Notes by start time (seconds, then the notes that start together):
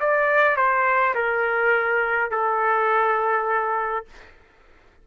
0.00 D5
0.56 C5
1.15 A#4
2.31 A4